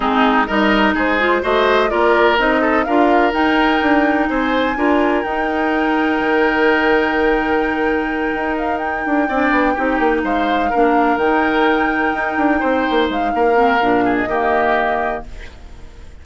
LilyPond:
<<
  \new Staff \with { instrumentName = "flute" } { \time 4/4 \tempo 4 = 126 gis'4 dis''4 c''4 dis''4 | d''4 dis''4 f''4 g''4~ | g''4 gis''2 g''4~ | g''1~ |
g''2 f''8 g''4.~ | g''4. f''2 g''8~ | g''2.~ g''8 f''8~ | f''4.~ f''16 dis''2~ dis''16 | }
  \new Staff \with { instrumentName = "oboe" } { \time 4/4 dis'4 ais'4 gis'4 c''4 | ais'4. a'8 ais'2~ | ais'4 c''4 ais'2~ | ais'1~ |
ais'2.~ ais'8 d''8~ | d''8 g'4 c''4 ais'4.~ | ais'2~ ais'8 c''4. | ais'4. gis'8 g'2 | }
  \new Staff \with { instrumentName = "clarinet" } { \time 4/4 c'4 dis'4. f'8 fis'4 | f'4 dis'4 f'4 dis'4~ | dis'2 f'4 dis'4~ | dis'1~ |
dis'2.~ dis'8 d'8~ | d'8 dis'2 d'4 dis'8~ | dis'1~ | dis'8 c'8 d'4 ais2 | }
  \new Staff \with { instrumentName = "bassoon" } { \time 4/4 gis4 g4 gis4 a4 | ais4 c'4 d'4 dis'4 | d'4 c'4 d'4 dis'4~ | dis'4 dis2.~ |
dis4. dis'4. d'8 c'8 | b8 c'8 ais8 gis4 ais4 dis8~ | dis4. dis'8 d'8 c'8 ais8 gis8 | ais4 ais,4 dis2 | }
>>